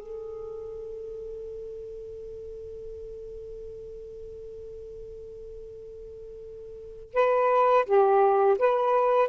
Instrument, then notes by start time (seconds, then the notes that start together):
saxophone
0.00 A4
7.14 B4
7.86 G4
8.59 B4